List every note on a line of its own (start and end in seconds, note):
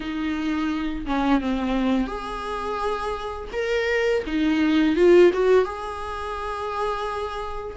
0.00 1.05 D#4
1.06 1.41 C#4
1.41 2.07 C4
2.07 3.48 G#4
3.52 4.23 A#4
4.26 4.95 D#4
4.95 5.31 F4
5.33 5.64 F#4
5.64 7.76 G#4